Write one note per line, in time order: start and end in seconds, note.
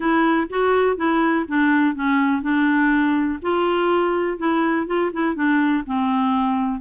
0.00 0.47 E4
0.49 0.96 F#4
0.96 1.45 E4
1.48 1.95 D4
1.95 2.41 C#4
2.41 3.39 D4
3.41 4.37 F4
4.37 4.86 E4
4.86 5.11 F4
5.12 5.35 E4
5.35 5.84 D4
5.86 6.80 C4